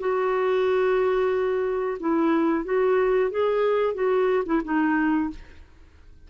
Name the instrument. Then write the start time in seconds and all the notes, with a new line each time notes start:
clarinet
0.00 F#4
2.00 E4
2.65 F#4
3.31 G#4
3.94 F#4
4.46 E4
4.65 D#4